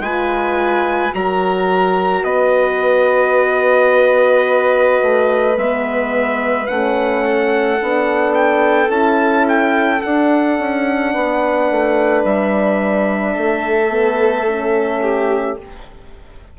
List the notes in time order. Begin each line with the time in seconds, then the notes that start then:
0.00 G#3 F4 B4 G#5
1.12 F#3 F#4 A#4 A#5
2.23 B3 B4 D#5
5.03 A3
5.57 G#3 B3 E5
6.67 A3 C#4 F#5
7.25 A4
7.81 B3 D4
8.34 G5
8.89 C#4 E4 A5
9.49 G5
10.02 D4 F#5
10.59 C#4
11.13 B3 B4
11.71 A3
12.25 G3 E5
13.33 A3 A4
13.91 B3
14.48 C#4
15.02 G4